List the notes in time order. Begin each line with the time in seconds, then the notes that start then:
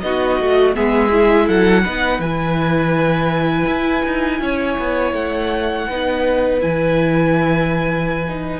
0.00 B3 D#4 F#4 D#5
0.39 A3 F#4
0.73 G#3 B3 G#4 E5
1.11 E4
1.46 F#3 A4 F#5
1.83 B3 D#4 B4
2.19 E3 E4 G#5
3.66 E4
4.05 D#4
4.40 C#4 C#5
4.78 B3
5.13 A3 F#5
5.89 B3 D#4 B4
6.60 E3 E4 G#5
8.28 D#4